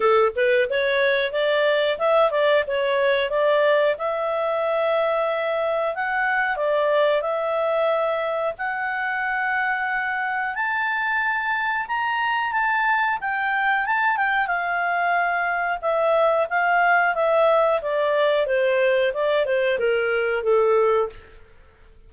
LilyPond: \new Staff \with { instrumentName = "clarinet" } { \time 4/4 \tempo 4 = 91 a'8 b'8 cis''4 d''4 e''8 d''8 | cis''4 d''4 e''2~ | e''4 fis''4 d''4 e''4~ | e''4 fis''2. |
a''2 ais''4 a''4 | g''4 a''8 g''8 f''2 | e''4 f''4 e''4 d''4 | c''4 d''8 c''8 ais'4 a'4 | }